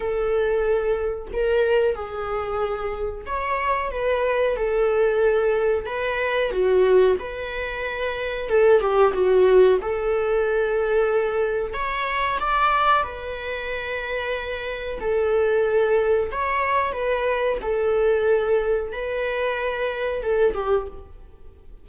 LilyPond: \new Staff \with { instrumentName = "viola" } { \time 4/4 \tempo 4 = 92 a'2 ais'4 gis'4~ | gis'4 cis''4 b'4 a'4~ | a'4 b'4 fis'4 b'4~ | b'4 a'8 g'8 fis'4 a'4~ |
a'2 cis''4 d''4 | b'2. a'4~ | a'4 cis''4 b'4 a'4~ | a'4 b'2 a'8 g'8 | }